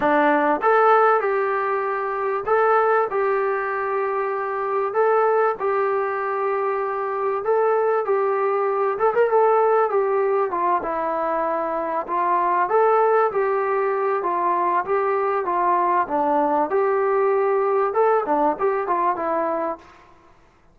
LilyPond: \new Staff \with { instrumentName = "trombone" } { \time 4/4 \tempo 4 = 97 d'4 a'4 g'2 | a'4 g'2. | a'4 g'2. | a'4 g'4. a'16 ais'16 a'4 |
g'4 f'8 e'2 f'8~ | f'8 a'4 g'4. f'4 | g'4 f'4 d'4 g'4~ | g'4 a'8 d'8 g'8 f'8 e'4 | }